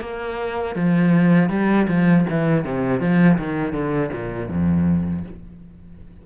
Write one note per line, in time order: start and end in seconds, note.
0.00 0.75 A#3
0.75 1.49 F3
1.49 1.86 G3
1.88 2.25 F3
2.29 2.65 E3
2.65 3.00 C3
3.00 3.38 F3
3.38 3.72 D#3
3.72 4.09 D3
4.12 4.48 A#2
4.48 5.23 F2